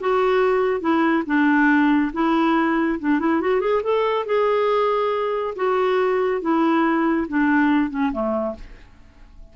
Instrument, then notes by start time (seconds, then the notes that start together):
clarinet
0.00 F#4
0.80 E4
1.26 D4
2.13 E4
2.99 D4
3.19 E4
3.40 F#4
3.60 G#4
3.83 A4
4.25 G#4
5.55 F#4
6.41 E4
7.28 D4
7.90 C#4
8.12 A3